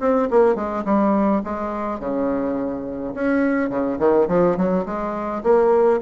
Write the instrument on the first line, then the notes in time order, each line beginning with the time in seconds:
bassoon
0.00 C4
0.30 A#3
0.55 G#3
0.85 G3
1.44 G#3
2.00 C#3
3.15 C#4
3.70 C#3
3.99 D#3
4.28 F3
4.57 F#3
4.86 G#3
5.43 A#3